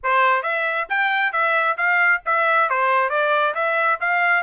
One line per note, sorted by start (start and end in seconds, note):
0.03 0.43 C5
0.43 0.87 E5
0.89 1.32 G5
1.32 1.76 E5
1.77 2.21 F5
2.25 2.69 E5
2.69 3.09 C5
3.09 3.54 D5
3.54 3.99 E5
4.00 4.43 F5